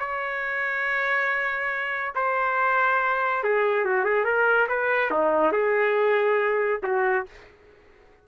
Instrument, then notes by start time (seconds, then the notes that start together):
trumpet
0.00 C#5
2.15 C5
3.44 G#4
3.85 F#4
4.05 G#4
4.25 A#4
4.69 B4
5.11 D#4
5.53 G#4
6.84 F#4